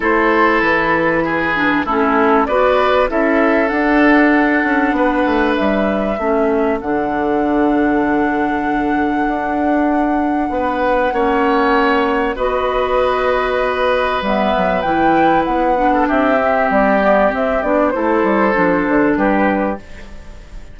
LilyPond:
<<
  \new Staff \with { instrumentName = "flute" } { \time 4/4 \tempo 4 = 97 c''4 b'2 a'4 | d''4 e''4 fis''2~ | fis''4 e''2 fis''4~ | fis''1~ |
fis''1 | dis''2. e''4 | g''4 fis''4 e''4 d''4 | e''8 d''8 c''2 b'4 | }
  \new Staff \with { instrumentName = "oboe" } { \time 4/4 a'2 gis'4 e'4 | b'4 a'2. | b'2 a'2~ | a'1~ |
a'4 b'4 cis''2 | b'1~ | b'4.~ b'16 a'16 g'2~ | g'4 a'2 g'4 | }
  \new Staff \with { instrumentName = "clarinet" } { \time 4/4 e'2~ e'8 d'8 cis'4 | fis'4 e'4 d'2~ | d'2 cis'4 d'4~ | d'1~ |
d'2 cis'2 | fis'2. b4 | e'4. d'4 c'4 b8 | c'8 d'8 e'4 d'2 | }
  \new Staff \with { instrumentName = "bassoon" } { \time 4/4 a4 e2 a4 | b4 cis'4 d'4. cis'8 | b8 a8 g4 a4 d4~ | d2. d'4~ |
d'4 b4 ais2 | b2. g8 fis8 | e4 b4 c'4 g4 | c'8 b8 a8 g8 f8 d8 g4 | }
>>